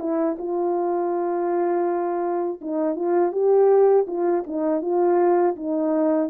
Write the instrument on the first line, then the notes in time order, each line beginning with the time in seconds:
horn
0.00 E4
0.39 F4
2.62 D#4
2.96 F4
3.32 G4
4.08 F4
4.47 D#4
4.82 F4
5.57 D#4